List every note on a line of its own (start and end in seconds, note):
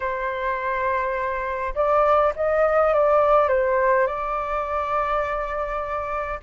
0.00 1.74 C5
1.74 2.33 D5
2.35 2.93 D#5
2.93 3.48 D5
3.48 4.06 C5
4.06 6.39 D5